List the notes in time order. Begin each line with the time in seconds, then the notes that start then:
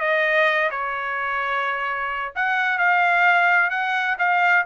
0.00 D#5
0.70 C#5
2.35 F#5
2.78 F5
3.70 F#5
4.18 F5